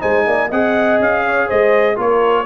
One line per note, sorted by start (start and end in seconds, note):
0.00 0.27 G#3
0.00 0.49 D#4
0.00 0.26 C5
0.00 0.51 G#5
0.27 0.52 A#3
0.27 0.49 D5
0.49 1.00 C4
0.49 1.96 G#4
0.49 1.23 D#5
0.49 1.01 F#5
1.00 1.49 C#4
1.00 1.50 F5
1.26 1.47 C#5
1.47 1.98 G#3
1.47 1.96 C5
1.47 1.99 D#5
1.96 2.47 A#3
1.96 2.45 F4
1.96 2.46 A#4
1.96 2.47 C#5